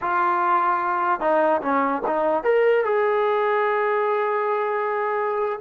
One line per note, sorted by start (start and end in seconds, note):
0.01 1.20 F4
1.20 1.61 D#4
1.61 2.02 C#4
2.06 2.43 D#4
2.43 2.84 A#4
2.84 5.59 G#4